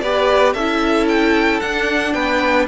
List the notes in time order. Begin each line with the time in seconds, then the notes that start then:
0.00 B3 G4 B4 D5
0.54 C#4 E4 A4 E5
1.09 G5
1.60 D4 F#5
2.13 B3 B4 G5